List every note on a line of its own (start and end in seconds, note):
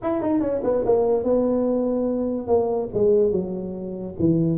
0.02 0.21 E4
0.21 0.40 D#4
0.40 0.61 C#4
0.63 0.84 B3
0.85 1.23 A#3
1.23 2.47 B3
2.47 2.88 A#3
2.93 3.31 G#3
3.31 4.14 F#3
4.19 4.58 E3